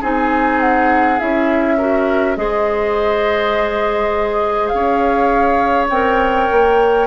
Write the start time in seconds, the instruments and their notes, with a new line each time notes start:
0.00 bassoon C4, clarinet D#4, oboe G#4, flute G#5
0.60 flute F#5
1.19 bassoon C#4, clarinet E4, flute E5
1.77 clarinet F#4, oboe A#4
2.36 bassoon G#3, clarinet G#4, oboe C5, flute D#5
4.67 bassoon C#4, flute F5
4.74 oboe C#5
5.89 bassoon C4, clarinet A#4, flute G5
6.51 bassoon A#3